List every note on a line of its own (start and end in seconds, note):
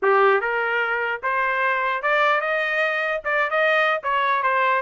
0.02 0.40 G4
0.40 1.21 A#4
1.22 2.02 C5
2.02 2.41 D5
2.41 3.21 D#5
3.24 3.50 D5
3.50 4.00 D#5
4.03 4.43 C#5
4.43 4.82 C5